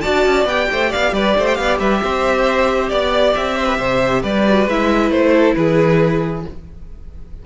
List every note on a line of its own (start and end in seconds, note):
0.00 0.25 D4
0.00 0.47 F#4
0.00 0.68 D5
0.00 0.44 A5
0.25 0.44 C#4
0.44 0.67 B3
0.44 4.45 G4
0.44 0.92 G5
0.71 0.93 A3
0.71 0.90 C5
0.90 1.12 B3
0.90 1.12 D5
0.90 1.13 F5
1.12 1.34 G3
1.12 1.36 B4
1.12 1.46 D5
1.37 1.58 A3
1.37 1.59 C5
1.46 1.55 G5
1.55 1.79 B3
1.55 1.77 F5
1.62 1.79 D5
1.79 2.01 G3
1.79 2.01 B4
1.79 2.88 E5
2.03 2.91 C4
2.03 2.90 C5
2.88 3.35 B3
2.88 3.33 D5
2.88 3.56 D5
3.34 3.78 C4
3.34 4.22 E5
3.56 3.66 C5
3.66 3.77 B4
3.77 4.23 C3
3.77 4.21 C5
4.21 4.67 G3
4.21 5.32 B4
4.21 4.67 D5
4.46 4.68 F#4
4.67 5.10 G#3
4.67 6.45 E4
4.67 5.11 E5
5.10 5.54 A3
5.10 5.54 C5
5.33 5.55 A4
5.54 6.44 E3
5.54 6.45 G#4
5.54 6.42 B4